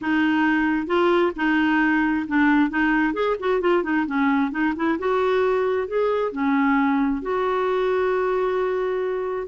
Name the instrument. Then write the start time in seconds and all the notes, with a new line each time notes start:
clarinet
0.01 D#4
0.86 F4
1.36 D#4
2.27 D4
2.70 D#4
3.13 G#4
3.39 F#4
3.60 F4
3.83 D#4
4.06 C#4
4.51 D#4
4.76 E4
4.98 F#4
5.87 G#4
6.32 C#4
7.22 F#4